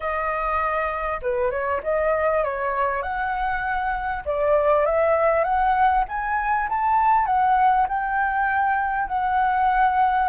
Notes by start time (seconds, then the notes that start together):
0.00 D#5
1.22 B4
1.50 C#5
1.83 D#5
2.44 C#5
3.02 F#5
4.25 D5
4.85 E5
5.44 F#5
6.08 G#5
6.69 A5
7.26 F#5
7.88 G5
9.08 F#5